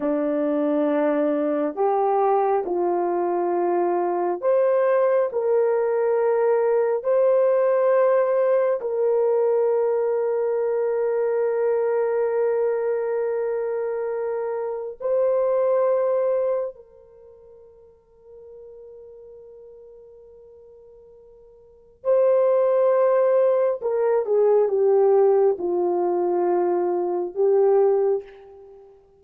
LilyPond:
\new Staff \with { instrumentName = "horn" } { \time 4/4 \tempo 4 = 68 d'2 g'4 f'4~ | f'4 c''4 ais'2 | c''2 ais'2~ | ais'1~ |
ais'4 c''2 ais'4~ | ais'1~ | ais'4 c''2 ais'8 gis'8 | g'4 f'2 g'4 | }